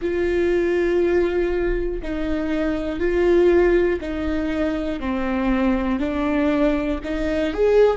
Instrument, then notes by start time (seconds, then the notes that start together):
viola
0.01 F4
2.02 D#4
3.00 F4
4.00 D#4
5.00 C4
6.00 D4
7.04 D#4
7.53 G#4